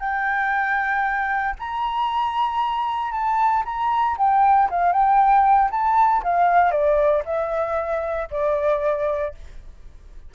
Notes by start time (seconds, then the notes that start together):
0.00 G5
1.60 A#5
3.12 A5
3.66 A#5
4.18 G5
4.71 F5
4.93 G5
5.71 A5
6.24 F5
6.72 D5
7.26 E5
8.32 D5